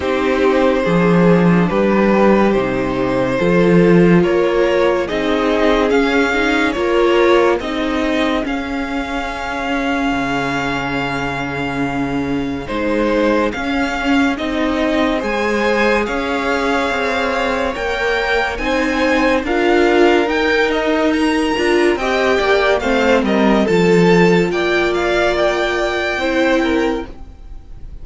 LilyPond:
<<
  \new Staff \with { instrumentName = "violin" } { \time 4/4 \tempo 4 = 71 c''2 b'4 c''4~ | c''4 cis''4 dis''4 f''4 | cis''4 dis''4 f''2~ | f''2. c''4 |
f''4 dis''4 gis''4 f''4~ | f''4 g''4 gis''4 f''4 | g''8 dis''8 ais''4 g''4 f''8 dis''8 | a''4 g''8 f''8 g''2 | }
  \new Staff \with { instrumentName = "violin" } { \time 4/4 g'4 gis'4 g'2 | a'4 ais'4 gis'2 | ais'4 gis'2.~ | gis'1~ |
gis'2 c''4 cis''4~ | cis''2 c''4 ais'4~ | ais'2 dis''8 d''8 c''8 ais'8 | a'4 d''2 c''8 ais'8 | }
  \new Staff \with { instrumentName = "viola" } { \time 4/4 dis'4 d'2 dis'4 | f'2 dis'4 cis'8 dis'8 | f'4 dis'4 cis'2~ | cis'2. dis'4 |
cis'4 dis'4 gis'2~ | gis'4 ais'4 dis'4 f'4 | dis'4. f'8 g'4 c'4 | f'2. e'4 | }
  \new Staff \with { instrumentName = "cello" } { \time 4/4 c'4 f4 g4 c4 | f4 ais4 c'4 cis'4 | ais4 c'4 cis'2 | cis2. gis4 |
cis'4 c'4 gis4 cis'4 | c'4 ais4 c'4 d'4 | dis'4. d'8 c'8 ais8 a8 g8 | f4 ais2 c'4 | }
>>